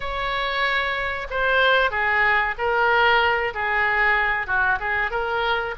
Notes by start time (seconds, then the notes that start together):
0.00 C#5
1.30 C5
1.91 G#4
2.58 A#4
3.54 G#4
4.47 F#4
4.79 G#4
5.10 A#4